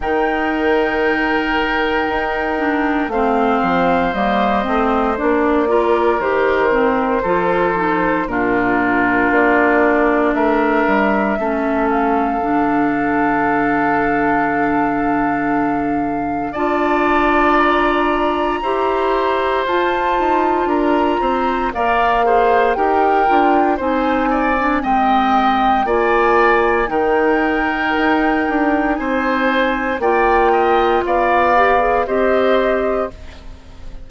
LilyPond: <<
  \new Staff \with { instrumentName = "flute" } { \time 4/4 \tempo 4 = 58 g''2. f''4 | dis''4 d''4 c''2 | ais'4 d''4 e''4. f''8~ | f''1 |
a''4 ais''2 a''4 | ais''4 f''4 g''4 gis''4 | g''4 gis''4 g''2 | gis''4 g''4 f''4 dis''4 | }
  \new Staff \with { instrumentName = "oboe" } { \time 4/4 ais'2. c''4~ | c''4. ais'4. a'4 | f'2 ais'4 a'4~ | a'1 |
d''2 c''2 | ais'8 c''8 d''8 c''8 ais'4 c''8 d''8 | dis''4 d''4 ais'2 | c''4 d''8 dis''8 d''4 c''4 | }
  \new Staff \with { instrumentName = "clarinet" } { \time 4/4 dis'2~ dis'8 d'8 c'4 | ais8 c'8 d'8 f'8 g'8 c'8 f'8 dis'8 | d'2. cis'4 | d'1 |
f'2 g'4 f'4~ | f'4 ais'8 gis'8 g'8 f'8 dis'8. d'16 | c'4 f'4 dis'2~ | dis'4 f'4. g'16 gis'16 g'4 | }
  \new Staff \with { instrumentName = "bassoon" } { \time 4/4 dis2 dis'4 a8 f8 | g8 a8 ais4 dis4 f4 | ais,4 ais4 a8 g8 a4 | d1 |
d'2 e'4 f'8 dis'8 | d'8 c'8 ais4 dis'8 d'8 c'4 | gis4 ais4 dis4 dis'8 d'8 | c'4 ais4 b4 c'4 | }
>>